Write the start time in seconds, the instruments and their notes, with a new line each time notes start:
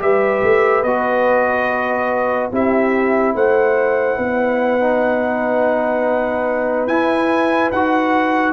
0.00 tuba G3, trombone G4, horn B4, trumpet E5
0.43 tuba A3
0.84 tuba B3, trombone F#4, trumpet D#5
2.52 tuba C4, trombone E4, horn G4, trumpet E5
3.35 tuba A3, horn C5, trumpet F#5
4.17 tuba B3, horn B4
4.80 trombone D#4
6.87 tuba E4, trombone E4, trumpet G#5
7.72 tuba D#4, trombone F#4, trumpet F#5